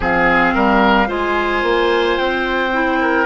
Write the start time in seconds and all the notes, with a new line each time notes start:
0.00 F3 C4 G#4 F5
0.54 G3 A#4
1.06 G#3 F4 C5 G#5
1.62 A#3
2.17 C4 G5
2.72 E4
3.00 A#4